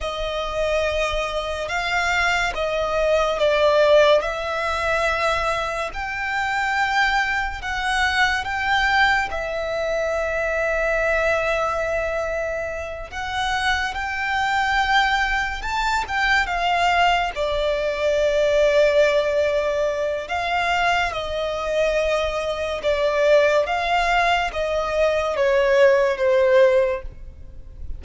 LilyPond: \new Staff \with { instrumentName = "violin" } { \time 4/4 \tempo 4 = 71 dis''2 f''4 dis''4 | d''4 e''2 g''4~ | g''4 fis''4 g''4 e''4~ | e''2.~ e''8 fis''8~ |
fis''8 g''2 a''8 g''8 f''8~ | f''8 d''2.~ d''8 | f''4 dis''2 d''4 | f''4 dis''4 cis''4 c''4 | }